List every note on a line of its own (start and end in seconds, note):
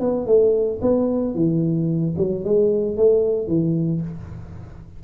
0.00 0.27 B3
0.27 0.80 A3
0.82 1.35 B3
1.35 2.15 E3
2.17 2.44 F#3
2.45 2.97 G#3
2.97 3.47 A3
3.47 4.01 E3